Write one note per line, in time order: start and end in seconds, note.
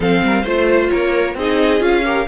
0.00 0.22 F3
0.00 0.45 C4
0.00 0.23 A4
0.00 0.45 F5
0.23 0.44 G3
0.23 0.42 A#4
0.42 0.89 A3
0.42 1.36 F4
0.42 0.87 C5
0.42 0.90 C5
0.90 1.35 A#3
0.90 1.36 A#4
0.90 1.35 C#5
1.35 1.80 C4
1.35 1.79 D#4
1.35 2.04 G#4
1.35 1.82 D#5
1.79 2.25 C#4
1.79 2.02 F4
1.79 2.27 F5
2.04 2.27 G4
2.04 2.27 A#4